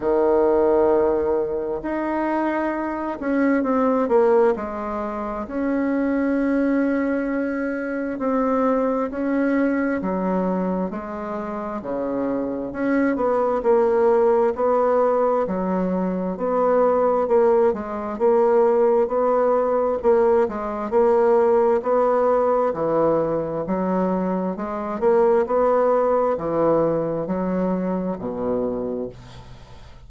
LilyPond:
\new Staff \with { instrumentName = "bassoon" } { \time 4/4 \tempo 4 = 66 dis2 dis'4. cis'8 | c'8 ais8 gis4 cis'2~ | cis'4 c'4 cis'4 fis4 | gis4 cis4 cis'8 b8 ais4 |
b4 fis4 b4 ais8 gis8 | ais4 b4 ais8 gis8 ais4 | b4 e4 fis4 gis8 ais8 | b4 e4 fis4 b,4 | }